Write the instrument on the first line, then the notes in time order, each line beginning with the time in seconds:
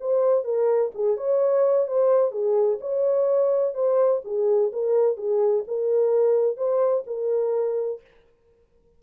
horn
0.00 C5
0.44 A#4
0.94 G#4
1.17 C#5
1.87 C5
2.31 G#4
2.80 C#5
3.74 C5
4.24 G#4
4.72 A#4
5.17 G#4
5.67 A#4
6.57 C5
7.07 A#4